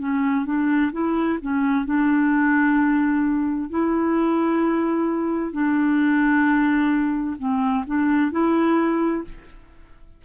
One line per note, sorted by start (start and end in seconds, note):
0.00 0.46 C#4
0.46 0.92 D4
0.93 1.39 E4
1.42 1.85 C#4
1.85 3.70 D4
3.70 5.52 E4
5.52 7.37 D4
7.39 7.85 C4
7.87 8.32 D4
8.32 9.24 E4